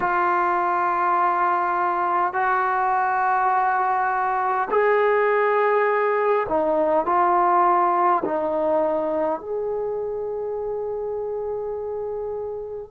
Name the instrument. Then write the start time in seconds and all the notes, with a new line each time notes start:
trombone
0.00 F4
2.33 F#4
4.70 G#4
6.48 D#4
7.05 F4
8.24 D#4
9.40 G#4